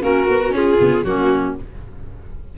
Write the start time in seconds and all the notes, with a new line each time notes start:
0.00 A#3 C#4 F#4 A#4
0.29 B3 F#4
0.49 C#4 F4 G#4
0.80 C#3 B3
1.04 F#3 A#3 C#4 F#4